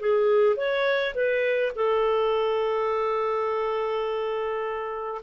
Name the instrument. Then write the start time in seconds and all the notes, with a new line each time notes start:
clarinet
0.00 G#4
0.57 C#5
1.15 B4
1.76 A4